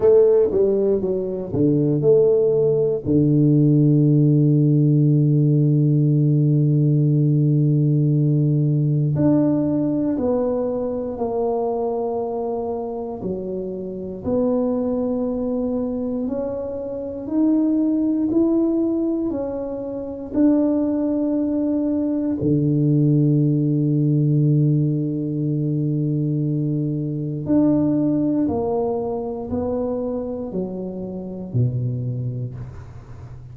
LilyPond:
\new Staff \with { instrumentName = "tuba" } { \time 4/4 \tempo 4 = 59 a8 g8 fis8 d8 a4 d4~ | d1~ | d4 d'4 b4 ais4~ | ais4 fis4 b2 |
cis'4 dis'4 e'4 cis'4 | d'2 d2~ | d2. d'4 | ais4 b4 fis4 b,4 | }